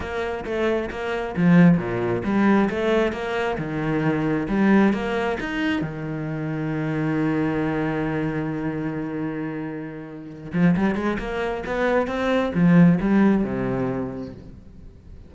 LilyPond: \new Staff \with { instrumentName = "cello" } { \time 4/4 \tempo 4 = 134 ais4 a4 ais4 f4 | ais,4 g4 a4 ais4 | dis2 g4 ais4 | dis'4 dis2.~ |
dis1~ | dis2.~ dis8 f8 | g8 gis8 ais4 b4 c'4 | f4 g4 c2 | }